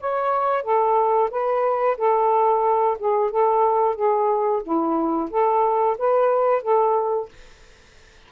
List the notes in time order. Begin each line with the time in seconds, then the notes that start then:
0.00 C#5
0.63 A4
1.30 B4
1.97 A4
2.98 G#4
3.31 A4
3.95 G#4
4.63 E4
5.30 A4
5.98 B4
6.62 A4